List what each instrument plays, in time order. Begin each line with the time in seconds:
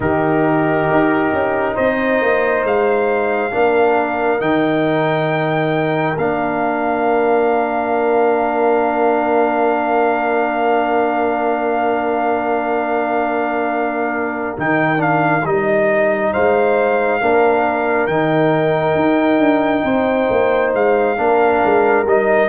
0.00 tuba D#3, trombone D#4, horn G4, trumpet A#4
0.90 tuba D#4
1.32 tuba C#4
1.74 tuba C4, horn C5, trumpet D#5
2.21 tuba A#3
2.63 tuba G#3, trumpet F5
3.51 tuba A#3, trombone D4, horn A#4
4.39 tuba D#3, trombone D#4, trumpet G5
6.18 tuba A#3, trombone D4, trumpet F5
14.57 tuba D#3, trombone D#4, trumpet G5
14.97 trombone D4, trumpet F5
15.44 tuba G3, trombone D#4, trumpet D#5
16.32 tuba G#3, horn C5, trumpet F5
17.21 tuba A#3, trombone D4, horn A#4
18.06 tuba D#3, trombone D#4, trumpet G5
18.94 tuba D#4
19.38 tuba D4
19.84 tuba C4, horn C5
20.30 tuba A#3
20.74 tuba G#3, trumpet F5
21.17 tuba A#3, trombone D4, horn A#4
21.63 tuba G#3
22.05 tuba G3, trombone D#4, trumpet D#5